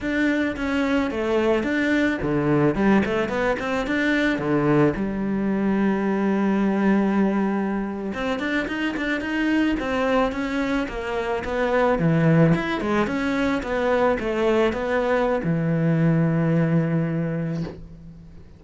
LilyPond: \new Staff \with { instrumentName = "cello" } { \time 4/4 \tempo 4 = 109 d'4 cis'4 a4 d'4 | d4 g8 a8 b8 c'8 d'4 | d4 g2.~ | g2~ g8. c'8 d'8 dis'16~ |
dis'16 d'8 dis'4 c'4 cis'4 ais16~ | ais8. b4 e4 e'8 gis8 cis'16~ | cis'8. b4 a4 b4~ b16 | e1 | }